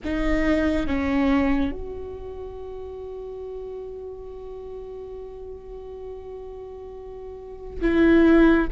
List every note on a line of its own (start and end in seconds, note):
0.04 0.87 D#4
0.87 1.72 C#4
1.72 7.80 F#4
7.81 8.68 E4